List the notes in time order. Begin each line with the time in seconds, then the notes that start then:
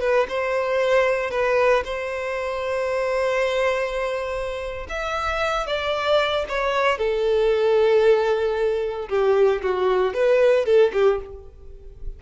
0.00 B4
0.29 C5
1.31 B4
1.84 C5
4.89 E5
5.67 D5
6.49 C#5
6.98 A4
9.09 G4
9.62 F#4
10.14 B4
10.66 A4
10.93 G4